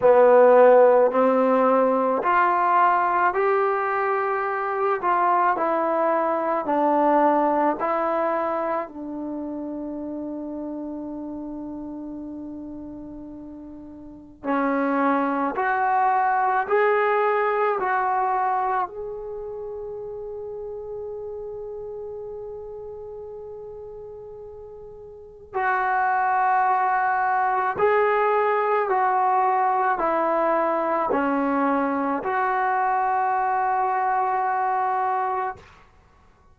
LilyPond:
\new Staff \with { instrumentName = "trombone" } { \time 4/4 \tempo 4 = 54 b4 c'4 f'4 g'4~ | g'8 f'8 e'4 d'4 e'4 | d'1~ | d'4 cis'4 fis'4 gis'4 |
fis'4 gis'2.~ | gis'2. fis'4~ | fis'4 gis'4 fis'4 e'4 | cis'4 fis'2. | }